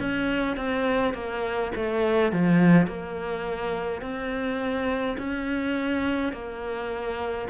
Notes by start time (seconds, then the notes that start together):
0.00 C#4
0.57 C4
1.14 A#3
1.76 A3
2.32 F3
2.87 A#3
4.02 C4
5.18 C#4
6.33 A#3